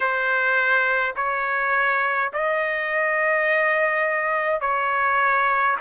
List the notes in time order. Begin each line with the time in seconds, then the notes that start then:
0.00 C5
1.15 C#5
2.33 D#5
4.60 C#5